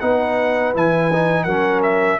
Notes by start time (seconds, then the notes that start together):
0.00 B3 D#4 B4 F#5
0.74 E3 E4 G#5
1.12 D#4
1.44 F#3 C#4 A#4 F#5
1.83 E5